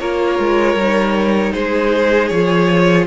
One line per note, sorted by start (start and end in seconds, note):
0.00 0.39 A#3
0.00 0.79 F4
0.00 1.53 A#4
0.00 1.53 C#5
0.39 0.75 G#3
0.75 1.52 G3
0.75 2.33 D#4
1.53 2.31 G#3
1.53 3.07 G#4
1.53 2.29 C5
2.29 3.08 F3
2.29 3.08 F4
2.29 3.05 C#5